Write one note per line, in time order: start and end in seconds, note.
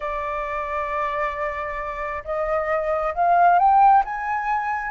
0.00 2.23 D5
2.24 3.13 D#5
3.14 3.58 F5
3.58 4.03 G5
4.04 4.91 G#5